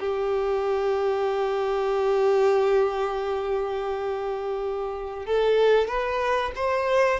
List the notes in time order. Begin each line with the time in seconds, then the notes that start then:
0.00 G4
5.27 A4
5.88 B4
6.56 C5